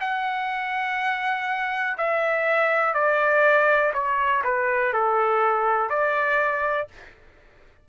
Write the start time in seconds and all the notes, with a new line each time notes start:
0.00 F#5
1.97 E5
2.94 D5
3.93 C#5
4.44 B4
4.93 A4
5.89 D5